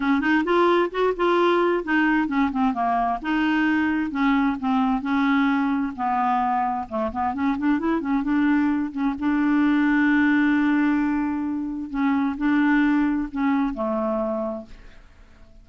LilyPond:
\new Staff \with { instrumentName = "clarinet" } { \time 4/4 \tempo 4 = 131 cis'8 dis'8 f'4 fis'8 f'4. | dis'4 cis'8 c'8 ais4 dis'4~ | dis'4 cis'4 c'4 cis'4~ | cis'4 b2 a8 b8 |
cis'8 d'8 e'8 cis'8 d'4. cis'8 | d'1~ | d'2 cis'4 d'4~ | d'4 cis'4 a2 | }